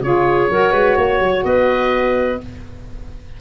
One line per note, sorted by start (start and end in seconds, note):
0.00 0.48 C#3
0.00 0.49 F4
0.00 0.50 G#4
0.00 1.44 C#5
0.49 0.71 F#3
0.49 2.40 F#4
0.49 0.72 A#4
0.71 0.95 G#3
0.71 0.96 B4
0.96 1.20 A#3
0.96 1.43 C#5
1.20 1.43 F#3
1.44 2.39 B3
1.44 2.40 B4
1.44 2.39 D#5